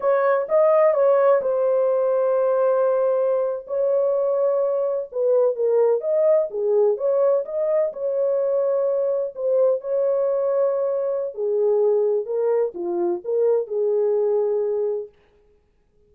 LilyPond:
\new Staff \with { instrumentName = "horn" } { \time 4/4 \tempo 4 = 127 cis''4 dis''4 cis''4 c''4~ | c''2.~ c''8. cis''16~ | cis''2~ cis''8. b'4 ais'16~ | ais'8. dis''4 gis'4 cis''4 dis''16~ |
dis''8. cis''2. c''16~ | c''8. cis''2.~ cis''16 | gis'2 ais'4 f'4 | ais'4 gis'2. | }